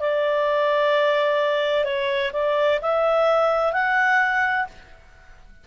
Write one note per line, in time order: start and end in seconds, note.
0.00 1.85 D5
1.85 2.31 C#5
2.33 2.80 D5
2.82 3.73 E5
3.73 4.67 F#5